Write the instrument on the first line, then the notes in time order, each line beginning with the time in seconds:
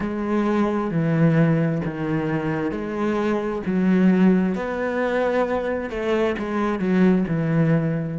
cello
0.00 G#3
0.90 E3
1.84 D#3
2.71 G#3
3.66 F#3
4.55 B3
5.90 A3
6.38 G#3
6.79 F#3
7.27 E3